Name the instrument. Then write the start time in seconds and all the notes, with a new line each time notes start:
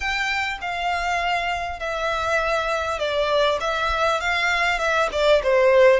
violin
0.00 G5
0.61 F5
1.79 E5
2.98 D5
3.60 E5
4.20 F5
4.78 E5
5.12 D5
5.43 C5